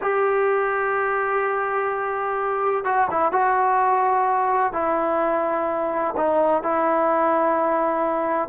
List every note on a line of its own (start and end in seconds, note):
0.01 2.84 G4
2.84 3.08 F#4
3.11 3.32 E4
3.32 4.72 F#4
4.72 6.14 E4
6.16 6.62 D#4
6.62 8.48 E4